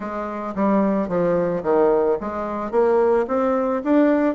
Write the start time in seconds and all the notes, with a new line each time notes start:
0.00 G#3
0.55 G3
1.08 F3
1.63 D#3
2.20 G#3
2.71 A#3
3.27 C4
3.84 D4